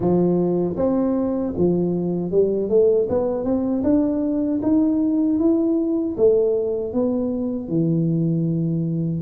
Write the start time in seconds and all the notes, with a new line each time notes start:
0.00 F3
0.77 C4
1.57 F3
2.31 G3
2.69 A3
3.09 B3
3.44 C4
3.83 D4
4.62 D#4
5.39 E4
6.17 A3
6.93 B3
7.68 E3